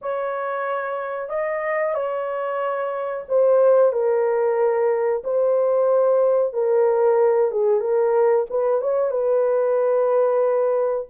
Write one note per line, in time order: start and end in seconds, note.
0.01 1.29 C#5
1.29 1.94 D#5
1.94 3.25 C#5
3.28 3.92 C5
3.92 5.23 A#4
5.24 6.53 C5
6.53 7.51 A#4
7.51 7.80 G#4
7.80 8.45 A#4
8.50 8.81 B4
8.81 9.11 C#5
9.11 11.06 B4